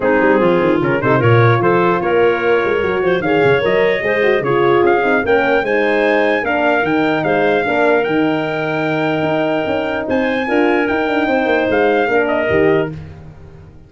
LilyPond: <<
  \new Staff \with { instrumentName = "trumpet" } { \time 4/4 \tempo 4 = 149 gis'2 ais'8 c''8 cis''4 | c''4 cis''2. | f''4 dis''2 cis''4 | f''4 g''4 gis''2 |
f''4 g''4 f''2 | g''1~ | g''4 gis''2 g''4~ | g''4 f''4. dis''4. | }
  \new Staff \with { instrumentName = "clarinet" } { \time 4/4 dis'4 f'4. a'8 ais'4 | a'4 ais'2~ ais'8 c''8 | cis''2 c''4 gis'4~ | gis'4 ais'4 c''2 |
ais'2 c''4 ais'4~ | ais'1~ | ais'4 c''4 ais'2 | c''2 ais'2 | }
  \new Staff \with { instrumentName = "horn" } { \time 4/4 c'2 cis'8 dis'8 f'4~ | f'2. fis'4 | gis'4 ais'4 gis'8 fis'8 f'4~ | f'8 dis'8 cis'4 dis'2 |
d'4 dis'2 d'4 | dis'1~ | dis'2 f'4 dis'4~ | dis'2 d'4 g'4 | }
  \new Staff \with { instrumentName = "tuba" } { \time 4/4 gis8 g8 f8 dis8 cis8 c8 ais,4 | f4 ais4. gis8 fis8 f8 | dis8 cis8 fis4 gis4 cis4 | cis'8 c'8 ais4 gis2 |
ais4 dis4 gis4 ais4 | dis2. dis'4 | cis'4 c'4 d'4 dis'8 d'8 | c'8 ais8 gis4 ais4 dis4 | }
>>